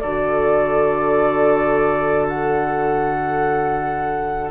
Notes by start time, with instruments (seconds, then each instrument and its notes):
0.00 bassoon D3, clarinet F#4, oboe A4, flute D5
2.29 flute F#5